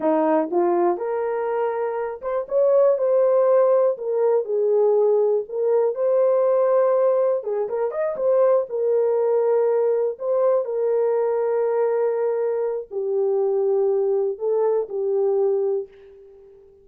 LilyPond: \new Staff \with { instrumentName = "horn" } { \time 4/4 \tempo 4 = 121 dis'4 f'4 ais'2~ | ais'8 c''8 cis''4 c''2 | ais'4 gis'2 ais'4 | c''2. gis'8 ais'8 |
dis''8 c''4 ais'2~ ais'8~ | ais'8 c''4 ais'2~ ais'8~ | ais'2 g'2~ | g'4 a'4 g'2 | }